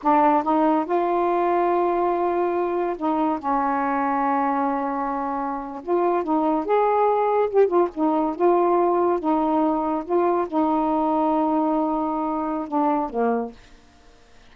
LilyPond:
\new Staff \with { instrumentName = "saxophone" } { \time 4/4 \tempo 4 = 142 d'4 dis'4 f'2~ | f'2. dis'4 | cis'1~ | cis'4.~ cis'16 f'4 dis'4 gis'16~ |
gis'4.~ gis'16 g'8 f'8 dis'4 f'16~ | f'4.~ f'16 dis'2 f'16~ | f'8. dis'2.~ dis'16~ | dis'2 d'4 ais4 | }